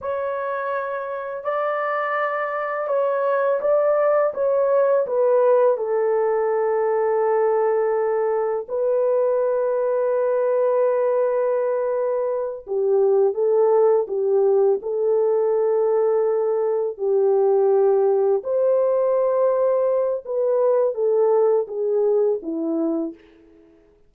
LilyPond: \new Staff \with { instrumentName = "horn" } { \time 4/4 \tempo 4 = 83 cis''2 d''2 | cis''4 d''4 cis''4 b'4 | a'1 | b'1~ |
b'4. g'4 a'4 g'8~ | g'8 a'2. g'8~ | g'4. c''2~ c''8 | b'4 a'4 gis'4 e'4 | }